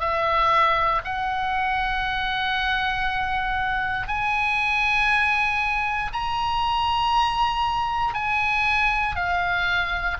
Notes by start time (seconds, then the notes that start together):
0.00 E5
1.04 F#5
4.08 G#5
6.13 A#5
8.14 G#5
9.16 F5